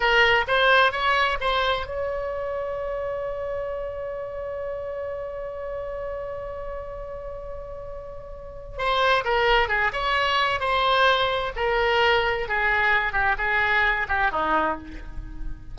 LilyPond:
\new Staff \with { instrumentName = "oboe" } { \time 4/4 \tempo 4 = 130 ais'4 c''4 cis''4 c''4 | cis''1~ | cis''1~ | cis''1~ |
cis''2. c''4 | ais'4 gis'8 cis''4. c''4~ | c''4 ais'2 gis'4~ | gis'8 g'8 gis'4. g'8 dis'4 | }